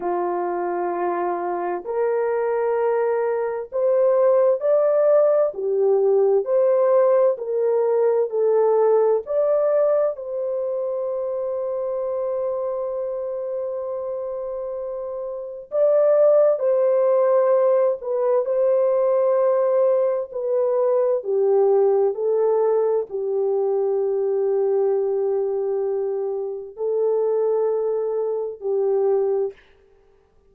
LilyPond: \new Staff \with { instrumentName = "horn" } { \time 4/4 \tempo 4 = 65 f'2 ais'2 | c''4 d''4 g'4 c''4 | ais'4 a'4 d''4 c''4~ | c''1~ |
c''4 d''4 c''4. b'8 | c''2 b'4 g'4 | a'4 g'2.~ | g'4 a'2 g'4 | }